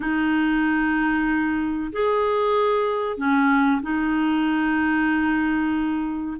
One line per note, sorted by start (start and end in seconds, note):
0.00 1.91 D#4
1.92 3.17 G#4
3.17 3.81 C#4
3.82 6.37 D#4